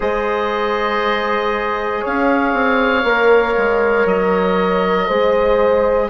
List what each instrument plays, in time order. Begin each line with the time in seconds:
0.00 bassoon G#3, trombone G#4, horn C5, oboe D#5
2.01 bassoon C#4, horn C#5, oboe F5
2.53 bassoon C4
3.03 bassoon A#3, trombone A#4
3.57 bassoon G#3
4.05 bassoon F#3, oboe D#5
5.07 bassoon G#3, trombone G#4, horn C5